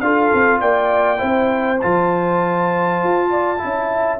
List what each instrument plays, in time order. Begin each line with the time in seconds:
0.00 tuba D4, trombone F4, horn A4, trumpet F5
0.34 tuba C4
0.61 tuba A#3, horn D5, trumpet G5
1.18 tuba C4, trombone E4, horn C5
1.81 tuba F3, trombone F4, trumpet A5
3.04 tuba F4
3.30 horn D5
3.58 tuba C#4, trombone E4, horn E5